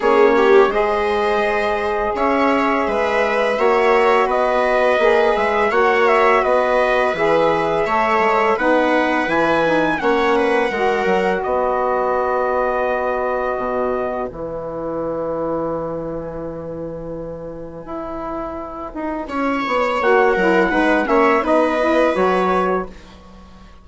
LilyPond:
<<
  \new Staff \with { instrumentName = "trumpet" } { \time 4/4 \tempo 4 = 84 cis''4 dis''2 e''4~ | e''2 dis''4. e''8 | fis''8 e''8 dis''4 e''2 | fis''4 gis''4 fis''2 |
dis''1 | gis''1~ | gis''1 | fis''4. e''8 dis''4 cis''4 | }
  \new Staff \with { instrumentName = "viola" } { \time 4/4 gis'8 g'8 c''2 cis''4 | b'4 cis''4 b'2 | cis''4 b'2 cis''4 | b'2 cis''8 b'8 ais'4 |
b'1~ | b'1~ | b'2. cis''4~ | cis''8 ais'8 b'8 cis''8 b'2 | }
  \new Staff \with { instrumentName = "saxophone" } { \time 4/4 cis'4 gis'2.~ | gis'4 fis'2 gis'4 | fis'2 gis'4 a'4 | dis'4 e'8 dis'8 cis'4 fis'4~ |
fis'1 | e'1~ | e'1 | fis'8 e'8 dis'8 cis'8 dis'8 e'8 fis'4 | }
  \new Staff \with { instrumentName = "bassoon" } { \time 4/4 ais4 gis2 cis'4 | gis4 ais4 b4 ais8 gis8 | ais4 b4 e4 a8 gis8 | b4 e4 ais4 gis8 fis8 |
b2. b,4 | e1~ | e4 e'4. dis'8 cis'8 b8 | ais8 fis8 gis8 ais8 b4 fis4 | }
>>